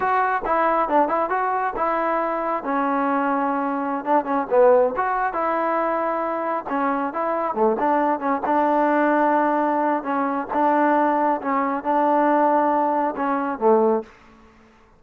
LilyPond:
\new Staff \with { instrumentName = "trombone" } { \time 4/4 \tempo 4 = 137 fis'4 e'4 d'8 e'8 fis'4 | e'2 cis'2~ | cis'4~ cis'16 d'8 cis'8 b4 fis'8.~ | fis'16 e'2. cis'8.~ |
cis'16 e'4 a8 d'4 cis'8 d'8.~ | d'2. cis'4 | d'2 cis'4 d'4~ | d'2 cis'4 a4 | }